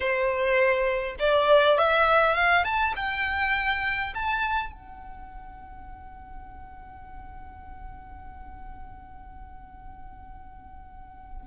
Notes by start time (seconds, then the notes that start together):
0.00 C5
1.19 D5
1.78 E5
2.34 F5
2.64 A5
2.95 G5
4.14 A5
4.72 F#5